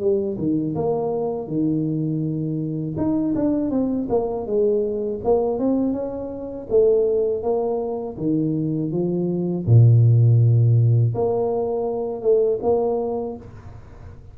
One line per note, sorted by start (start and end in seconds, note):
0.00 0.37 G3
0.38 0.75 D#3
0.76 1.48 A#3
1.48 2.96 D#3
2.97 3.34 D#4
3.35 3.71 D4
3.71 4.08 C4
4.09 4.46 A#3
4.46 5.21 G#3
5.24 5.59 A#3
5.59 5.93 C4
5.93 6.67 C#4
6.70 7.43 A3
7.43 8.17 A#3
8.18 8.92 D#3
8.92 9.66 F3
9.66 11.14 A#2
11.15 12.22 A#3
12.22 12.59 A3
12.63 13.37 A#3